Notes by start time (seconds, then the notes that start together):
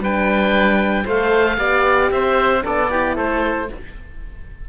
0.00 G3 D4 B4 G5
1.05 A3 A4 C5 F5
1.57 B3 G4 D5
2.11 C4 C5 E5
2.61 B3 D4 A4 D5
2.90 E4 G4
3.15 A3 A4 C5